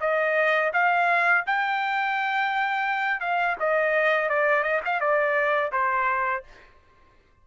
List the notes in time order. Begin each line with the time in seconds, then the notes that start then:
0.00 D#5
0.73 F5
1.46 G5
3.20 F5
3.59 D#5
4.29 D5
4.63 D#5
4.85 F5
5.00 D5
5.72 C5